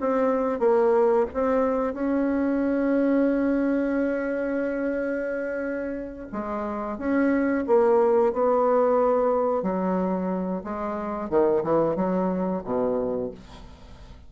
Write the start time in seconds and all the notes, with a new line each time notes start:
0.00 C4
0.59 A#3
1.34 C4
1.94 C#4
6.32 G#3
6.98 C#4
7.67 A#3
8.33 B3
9.62 F#3
10.64 G#3
11.30 D#3
11.63 E3
11.96 F#3
12.64 B2